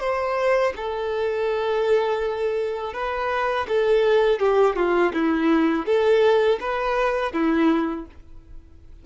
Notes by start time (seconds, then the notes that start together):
0.00 C5
0.76 A4
2.94 B4
3.69 A4
4.40 G4
4.76 F4
5.14 E4
5.86 A4
6.61 B4
7.33 E4